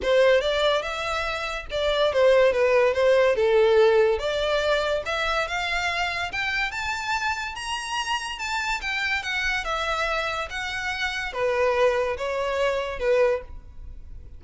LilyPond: \new Staff \with { instrumentName = "violin" } { \time 4/4 \tempo 4 = 143 c''4 d''4 e''2 | d''4 c''4 b'4 c''4 | a'2 d''2 | e''4 f''2 g''4 |
a''2 ais''2 | a''4 g''4 fis''4 e''4~ | e''4 fis''2 b'4~ | b'4 cis''2 b'4 | }